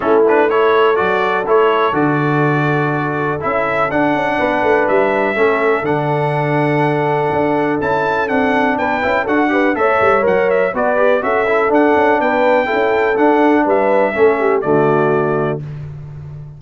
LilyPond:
<<
  \new Staff \with { instrumentName = "trumpet" } { \time 4/4 \tempo 4 = 123 a'8 b'8 cis''4 d''4 cis''4 | d''2. e''4 | fis''2 e''2 | fis''1 |
a''4 fis''4 g''4 fis''4 | e''4 fis''8 e''8 d''4 e''4 | fis''4 g''2 fis''4 | e''2 d''2 | }
  \new Staff \with { instrumentName = "horn" } { \time 4/4 e'4 a'2.~ | a'1~ | a'4 b'2 a'4~ | a'1~ |
a'2 b'4 a'8 b'8 | cis''2 b'4 a'4~ | a'4 b'4 a'2 | b'4 a'8 g'8 fis'2 | }
  \new Staff \with { instrumentName = "trombone" } { \time 4/4 cis'8 d'8 e'4 fis'4 e'4 | fis'2. e'4 | d'2. cis'4 | d'1 |
e'4 d'4. e'8 fis'8 g'8 | a'4 ais'4 fis'8 g'8 fis'8 e'8 | d'2 e'4 d'4~ | d'4 cis'4 a2 | }
  \new Staff \with { instrumentName = "tuba" } { \time 4/4 a2 fis4 a4 | d2. cis'4 | d'8 cis'8 b8 a8 g4 a4 | d2. d'4 |
cis'4 c'4 b8 cis'8 d'4 | a8 g8 fis4 b4 cis'4 | d'8 cis'8 b4 cis'4 d'4 | g4 a4 d2 | }
>>